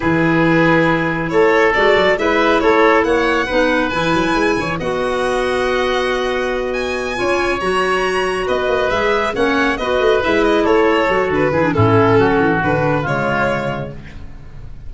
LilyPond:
<<
  \new Staff \with { instrumentName = "violin" } { \time 4/4 \tempo 4 = 138 b'2. cis''4 | d''4 e''4 cis''4 fis''4~ | fis''4 gis''2 fis''4~ | fis''2.~ fis''8 gis''8~ |
gis''4. ais''2 dis''8~ | dis''8 e''4 fis''4 dis''4 e''8 | dis''8 cis''4. b'4 a'4~ | a'4 b'4 cis''2 | }
  \new Staff \with { instrumentName = "oboe" } { \time 4/4 gis'2. a'4~ | a'4 b'4 a'4 cis''4 | b'2~ b'8 cis''8 dis''4~ | dis''1~ |
dis''8 cis''2. b'8~ | b'4. cis''4 b'4.~ | b'8 a'2 gis'8 e'4 | fis'2 f'2 | }
  \new Staff \with { instrumentName = "clarinet" } { \time 4/4 e'1 | fis'4 e'2. | dis'4 e'2 fis'4~ | fis'1~ |
fis'8 f'4 fis'2~ fis'8~ | fis'8 gis'4 cis'4 fis'4 e'8~ | e'4. fis'4 e'16 d'16 cis'4~ | cis'4 d'4 gis2 | }
  \new Staff \with { instrumentName = "tuba" } { \time 4/4 e2. a4 | gis8 fis8 gis4 a4 ais4 | b4 e8 fis8 gis8 e8 b4~ | b1~ |
b8 cis'4 fis2 b8 | ais8 gis4 ais4 b8 a8 gis8~ | gis8 a4 fis8 d8 e8 a,4 | fis8 e8 d4 cis2 | }
>>